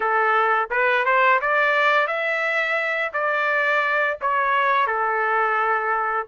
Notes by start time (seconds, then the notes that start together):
0.00 A4
0.70 B4
1.05 C5
1.41 D5
2.07 E5
3.13 D5
4.21 C#5
4.86 A4